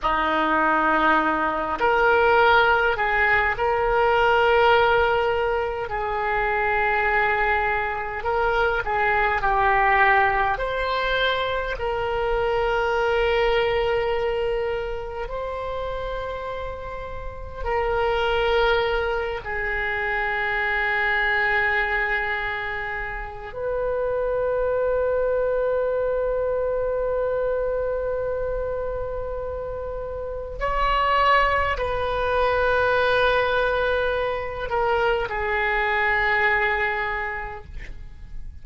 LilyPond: \new Staff \with { instrumentName = "oboe" } { \time 4/4 \tempo 4 = 51 dis'4. ais'4 gis'8 ais'4~ | ais'4 gis'2 ais'8 gis'8 | g'4 c''4 ais'2~ | ais'4 c''2 ais'4~ |
ais'8 gis'2.~ gis'8 | b'1~ | b'2 cis''4 b'4~ | b'4. ais'8 gis'2 | }